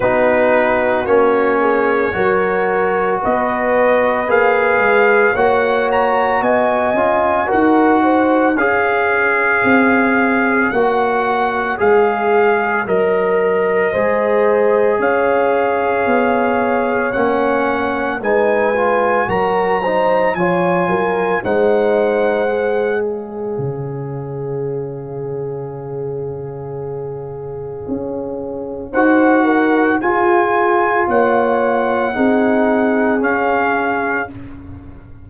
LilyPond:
<<
  \new Staff \with { instrumentName = "trumpet" } { \time 4/4 \tempo 4 = 56 b'4 cis''2 dis''4 | f''4 fis''8 ais''8 gis''4 fis''4 | f''2 fis''4 f''4 | dis''2 f''2 |
fis''4 gis''4 ais''4 gis''4 | fis''4. f''2~ f''8~ | f''2. fis''4 | gis''4 fis''2 f''4 | }
  \new Staff \with { instrumentName = "horn" } { \time 4/4 fis'4. gis'8 ais'4 b'4~ | b'4 cis''4 dis''4 ais'8 c''8 | cis''1~ | cis''4 c''4 cis''2~ |
cis''4 b'4 ais'8 c''8 cis''8 ais'8 | c''4. cis''2~ cis''8~ | cis''2. c''8 ais'8 | gis'4 cis''4 gis'2 | }
  \new Staff \with { instrumentName = "trombone" } { \time 4/4 dis'4 cis'4 fis'2 | gis'4 fis'4. f'8 fis'4 | gis'2 fis'4 gis'4 | ais'4 gis'2. |
cis'4 dis'8 f'8 fis'8 dis'8 f'4 | dis'4 gis'2.~ | gis'2. fis'4 | f'2 dis'4 cis'4 | }
  \new Staff \with { instrumentName = "tuba" } { \time 4/4 b4 ais4 fis4 b4 | ais8 gis8 ais4 b8 cis'8 dis'4 | cis'4 c'4 ais4 gis4 | fis4 gis4 cis'4 b4 |
ais4 gis4 fis4 f8 fis8 | gis2 cis2~ | cis2 cis'4 dis'4 | f'4 ais4 c'4 cis'4 | }
>>